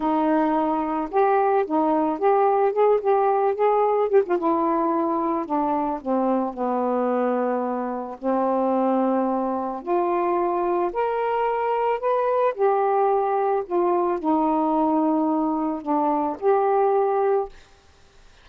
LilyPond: \new Staff \with { instrumentName = "saxophone" } { \time 4/4 \tempo 4 = 110 dis'2 g'4 dis'4 | g'4 gis'8 g'4 gis'4 g'16 f'16 | e'2 d'4 c'4 | b2. c'4~ |
c'2 f'2 | ais'2 b'4 g'4~ | g'4 f'4 dis'2~ | dis'4 d'4 g'2 | }